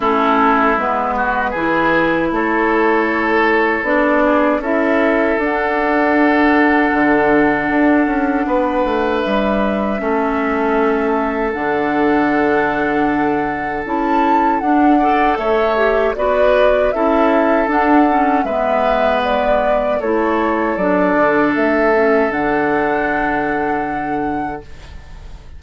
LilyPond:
<<
  \new Staff \with { instrumentName = "flute" } { \time 4/4 \tempo 4 = 78 a'4 b'2 cis''4~ | cis''4 d''4 e''4 fis''4~ | fis''1 | e''2. fis''4~ |
fis''2 a''4 fis''4 | e''4 d''4 e''4 fis''4 | e''4 d''4 cis''4 d''4 | e''4 fis''2. | }
  \new Staff \with { instrumentName = "oboe" } { \time 4/4 e'4. fis'8 gis'4 a'4~ | a'4. gis'8 a'2~ | a'2. b'4~ | b'4 a'2.~ |
a'2.~ a'8 d''8 | cis''4 b'4 a'2 | b'2 a'2~ | a'1 | }
  \new Staff \with { instrumentName = "clarinet" } { \time 4/4 cis'4 b4 e'2~ | e'4 d'4 e'4 d'4~ | d'1~ | d'4 cis'2 d'4~ |
d'2 e'4 d'8 a'8~ | a'8 g'8 fis'4 e'4 d'8 cis'8 | b2 e'4 d'4~ | d'8 cis'8 d'2. | }
  \new Staff \with { instrumentName = "bassoon" } { \time 4/4 a4 gis4 e4 a4~ | a4 b4 cis'4 d'4~ | d'4 d4 d'8 cis'8 b8 a8 | g4 a2 d4~ |
d2 cis'4 d'4 | a4 b4 cis'4 d'4 | gis2 a4 fis8 d8 | a4 d2. | }
>>